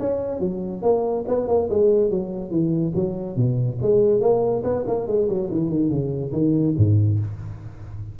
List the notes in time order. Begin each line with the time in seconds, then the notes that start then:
0.00 C#4
0.40 F#3
0.82 A#3
1.28 B3
1.48 A#3
1.70 G#3
2.10 F#3
2.50 E3
2.95 F#3
3.36 B2
3.82 G#3
4.21 A#3
4.64 B3
4.87 A#3
5.07 G#3
5.29 F#3
5.51 E3
5.70 D#3
5.90 C#3
6.32 D#3
6.77 G#2